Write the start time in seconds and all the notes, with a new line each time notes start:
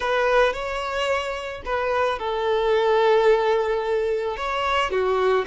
0.00 B4
0.53 C#5
1.65 B4
2.18 A4
4.37 C#5
4.90 F#4